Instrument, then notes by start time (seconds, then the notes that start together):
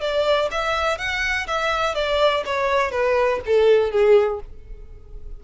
violin
0.00 D5
0.51 E5
0.98 F#5
1.47 E5
1.95 D5
2.45 C#5
2.91 B4
3.45 A4
3.91 G#4